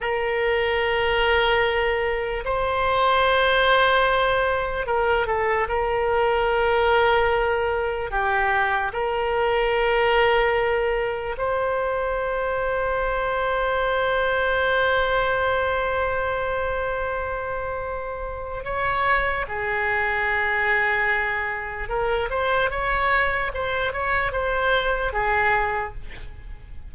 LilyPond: \new Staff \with { instrumentName = "oboe" } { \time 4/4 \tempo 4 = 74 ais'2. c''4~ | c''2 ais'8 a'8 ais'4~ | ais'2 g'4 ais'4~ | ais'2 c''2~ |
c''1~ | c''2. cis''4 | gis'2. ais'8 c''8 | cis''4 c''8 cis''8 c''4 gis'4 | }